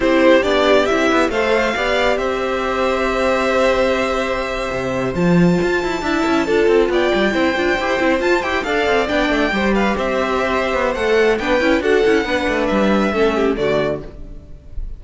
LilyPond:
<<
  \new Staff \with { instrumentName = "violin" } { \time 4/4 \tempo 4 = 137 c''4 d''4 e''4 f''4~ | f''4 e''2.~ | e''2.~ e''8. a''16~ | a''2.~ a''8. g''16~ |
g''2~ g''8. a''8 g''8 f''16~ | f''8. g''4. f''8 e''4~ e''16~ | e''4 fis''4 g''4 fis''4~ | fis''4 e''2 d''4 | }
  \new Staff \with { instrumentName = "violin" } { \time 4/4 g'2. c''4 | d''4 c''2.~ | c''1~ | c''4.~ c''16 e''4 a'4 d''16~ |
d''8. c''2. d''16~ | d''4.~ d''16 c''8 b'8 c''4~ c''16~ | c''2 b'4 a'4 | b'2 a'8 g'8 fis'4 | }
  \new Staff \with { instrumentName = "viola" } { \time 4/4 e'4 d'4 e'4 a'4 | g'1~ | g'2.~ g'8. f'16~ | f'4.~ f'16 e'4 f'4~ f'16~ |
f'8. e'8 f'8 g'8 e'8 f'8 g'8 a'16~ | a'8. d'4 g'2~ g'16~ | g'4 a'4 d'8 e'8 fis'8 e'8 | d'2 cis'4 a4 | }
  \new Staff \with { instrumentName = "cello" } { \time 4/4 c'4 b4 c'8 b8 a4 | b4 c'2.~ | c'2~ c'8. c4 f16~ | f8. f'8 e'8 d'8 cis'8 d'8 c'8 b16~ |
b16 g8 c'8 d'8 e'8 c'8 f'8 e'8 d'16~ | d'16 c'8 b8 a8 g4 c'4~ c'16~ | c'8 b8 a4 b8 cis'8 d'8 cis'8 | b8 a8 g4 a4 d4 | }
>>